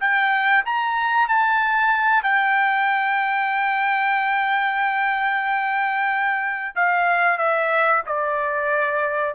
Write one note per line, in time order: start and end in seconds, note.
0.00 0.65 G5
0.65 1.28 A#5
1.28 2.23 A5
2.23 6.75 G5
6.76 7.38 F5
7.38 8.02 E5
8.06 9.35 D5